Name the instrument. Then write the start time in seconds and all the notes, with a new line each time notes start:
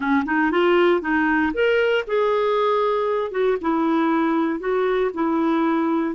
clarinet
0.00 C#4
0.25 D#4
0.51 F4
1.01 D#4
1.53 A#4
2.07 G#4
3.31 F#4
3.61 E4
4.59 F#4
5.14 E4